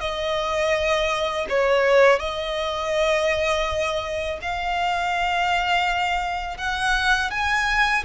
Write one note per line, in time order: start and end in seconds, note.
0.00 1.46 D#5
1.49 2.20 C#5
2.20 4.39 D#5
4.42 6.58 F5
6.58 7.31 F#5
7.31 8.04 G#5